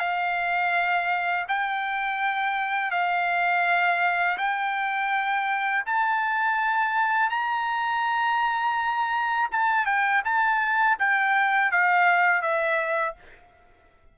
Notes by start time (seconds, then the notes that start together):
0.00 F5
1.49 G5
2.91 F5
4.38 G5
5.86 A5
7.30 A#5
9.52 A5
9.86 G5
10.25 A5
11.00 G5
11.72 F5
12.42 E5